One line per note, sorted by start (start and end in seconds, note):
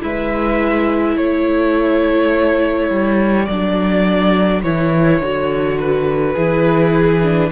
0.00 1.17 G#3
0.00 3.46 E4
0.00 1.16 B4
0.00 1.17 E5
1.16 2.90 A3
1.16 6.34 A4
1.16 3.46 C#5
2.90 3.48 G3
3.46 4.64 F#3
3.46 4.64 D4
3.46 4.61 D5
4.62 5.20 E3
4.62 5.22 E4
4.62 5.78 C#5
5.20 6.35 D3
5.20 6.37 F#4
5.79 7.52 B4
6.34 7.52 E3
6.34 7.23 E4
6.34 7.50 G#4
7.23 7.52 D4